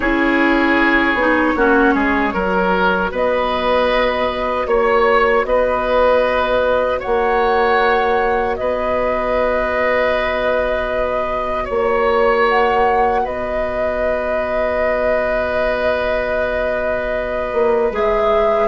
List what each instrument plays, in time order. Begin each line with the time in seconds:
0.00 bassoon C#4, clarinet E4, oboe G#4, flute C#5
1.13 bassoon B3, clarinet D#4
1.55 bassoon A#3, clarinet C#4, oboe F#4
1.94 bassoon G#3, oboe G#4
2.33 bassoon F#3, clarinet F#4, oboe A#4
3.11 bassoon B3, oboe B4, flute D#5
4.66 bassoon A#3, flute C#5, oboe C#5
5.44 bassoon B3, oboe B4, flute D#5
6.99 bassoon A#3, oboe C#5, flute F#5
8.56 bassoon B3, oboe B4, flute D#5
11.64 bassoon A#3, oboe C#5, flute C#5
12.47 flute F#5
13.24 bassoon B3, oboe B4, flute D#5
17.52 bassoon A#3
17.91 bassoon G#3, clarinet G#4, flute E5